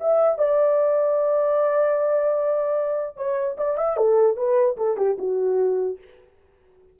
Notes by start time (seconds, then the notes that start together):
0.00 E5
0.38 D5
3.16 C#5
3.57 D5
3.77 E5
3.97 A4
4.36 B4
4.77 A4
4.97 G4
5.18 F#4